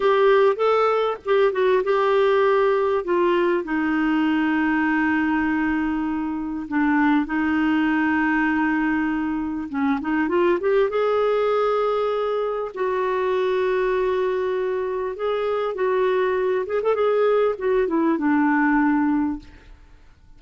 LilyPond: \new Staff \with { instrumentName = "clarinet" } { \time 4/4 \tempo 4 = 99 g'4 a'4 g'8 fis'8 g'4~ | g'4 f'4 dis'2~ | dis'2. d'4 | dis'1 |
cis'8 dis'8 f'8 g'8 gis'2~ | gis'4 fis'2.~ | fis'4 gis'4 fis'4. gis'16 a'16 | gis'4 fis'8 e'8 d'2 | }